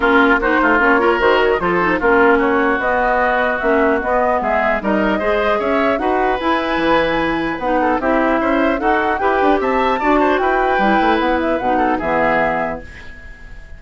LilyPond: <<
  \new Staff \with { instrumentName = "flute" } { \time 4/4 \tempo 4 = 150 ais'4 c''4 cis''4 c''8 cis''16 dis''16 | c''4 ais'4 cis''4 dis''4~ | dis''4 e''4 dis''4 e''4 | dis''2 e''4 fis''4 |
gis''2. fis''4 | e''2 fis''4 g''4 | a''2 g''2 | fis''8 e''8 fis''4 e''2 | }
  \new Staff \with { instrumentName = "oboe" } { \time 4/4 f'4 fis'8 f'4 ais'4. | a'4 f'4 fis'2~ | fis'2. gis'4 | ais'4 c''4 cis''4 b'4~ |
b'2.~ b'8 a'8 | g'4 c''4 fis'4 b'4 | e''4 d''8 c''8 b'2~ | b'4. a'8 gis'2 | }
  \new Staff \with { instrumentName = "clarinet" } { \time 4/4 cis'4 dis'4 cis'8 f'8 fis'4 | f'8 dis'8 cis'2 b4~ | b4 cis'4 b2 | dis'4 gis'2 fis'4 |
e'2. dis'4 | e'2 a'4 g'4~ | g'4 fis'2 e'4~ | e'4 dis'4 b2 | }
  \new Staff \with { instrumentName = "bassoon" } { \time 4/4 ais4. a8 ais4 dis4 | f4 ais2 b4~ | b4 ais4 b4 gis4 | g4 gis4 cis'4 dis'4 |
e'4 e2 b4 | c'4 cis'4 dis'4 e'8 d'8 | c'4 d'4 e'4 g8 a8 | b4 b,4 e2 | }
>>